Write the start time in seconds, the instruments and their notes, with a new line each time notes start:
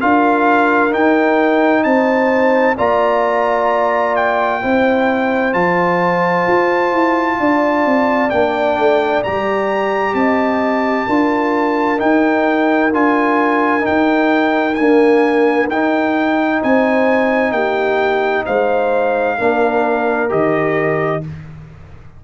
0.00 tuba D4, trombone F4, horn A#4, trumpet F5
0.91 trombone D#4, tuba D#4, trumpet G5
1.83 tuba C4, horn C5, trumpet A5
2.77 tuba A#3, trombone F4, horn D5, trumpet A#5
4.16 trumpet G5
4.61 tuba C4, trombone E4, horn C5
5.53 tuba F3, trombone F4, trumpet A5
6.47 tuba F4
6.92 tuba E4
7.40 tuba D4, horn D5
7.85 tuba C4
8.30 tuba A#3, trombone D4, trumpet G5
8.78 tuba A3
9.23 tuba G3, trombone G4, trumpet A#5
10.14 tuba C4, horn D#5, trumpet A5
11.07 tuba D4, trombone F4, horn A#4
11.98 trombone D#4, tuba D#4, trumpet G5
12.93 tuba D4, trombone F4, trumpet G#5
13.80 trombone D#4, trumpet G5
13.87 tuba D#4
14.75 trombone A#3, tuba D4, trumpet G#5
15.68 tuba D#4, trombone D#4, trumpet G5
16.62 tuba C4, horn C5, trumpet G#5
17.52 tuba A#3, horn G4, trumpet G5
18.46 tuba G#3, horn C5, trumpet F5
19.38 tuba A#3, trombone D4, horn A#4
20.29 tuba D#3, trombone G4, trumpet D#5